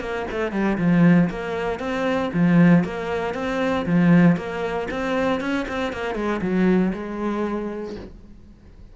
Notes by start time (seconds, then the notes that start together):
0.00 A#3
0.31 A3
0.52 G3
0.78 F3
1.30 A#3
1.79 C4
2.33 F3
2.84 A#3
3.34 C4
3.86 F3
4.36 A#3
4.90 C4
5.40 C#4
5.68 C4
5.92 A#3
6.15 G#3
6.41 F#3
6.93 G#3